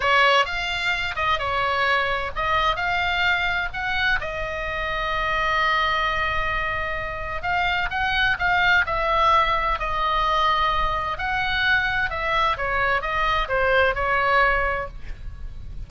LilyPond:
\new Staff \with { instrumentName = "oboe" } { \time 4/4 \tempo 4 = 129 cis''4 f''4. dis''8 cis''4~ | cis''4 dis''4 f''2 | fis''4 dis''2.~ | dis''1 |
f''4 fis''4 f''4 e''4~ | e''4 dis''2. | fis''2 e''4 cis''4 | dis''4 c''4 cis''2 | }